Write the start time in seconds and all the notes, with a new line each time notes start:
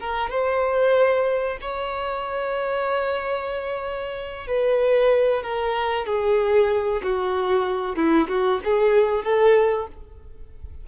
0.00 A#4
0.30 C5
1.61 C#5
4.47 B4
5.43 A#4
6.06 G#4
7.03 F#4
7.96 E4
8.28 F#4
8.64 G#4
9.24 A4